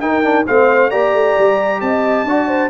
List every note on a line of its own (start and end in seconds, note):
0.00 0.23 D#4
0.00 0.47 D#4
0.00 0.47 A#4
0.00 0.45 G5
0.23 0.46 D4
0.47 0.93 A3
0.47 0.91 C4
0.47 0.91 C5
0.47 0.91 F5
0.91 1.14 A#3
0.91 2.27 G4
0.91 1.81 D5
0.91 1.81 A#5
1.14 1.36 A3
1.39 1.81 G3
1.81 2.24 C4
1.81 2.26 D#5
1.81 2.70 A5
2.24 2.69 D4
2.24 2.70 F#4
2.24 2.48 D5
2.48 2.70 C5